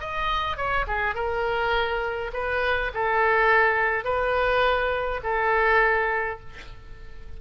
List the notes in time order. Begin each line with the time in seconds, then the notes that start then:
0.00 D#5
0.57 C#5
0.87 G#4
1.15 A#4
2.33 B4
2.94 A4
4.05 B4
5.23 A4